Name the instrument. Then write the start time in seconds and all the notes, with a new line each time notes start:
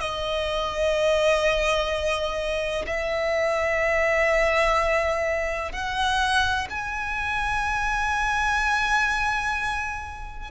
violin
0.00 D#5
2.87 E5
5.72 F#5
6.70 G#5